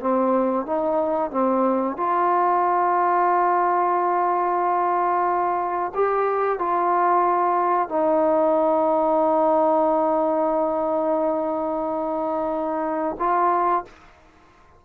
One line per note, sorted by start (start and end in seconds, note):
0.00 0.66 C4
0.66 1.31 D#4
1.31 1.97 C4
1.97 5.92 F4
5.94 6.59 G4
6.59 7.89 F4
7.89 13.17 D#4
13.19 13.85 F4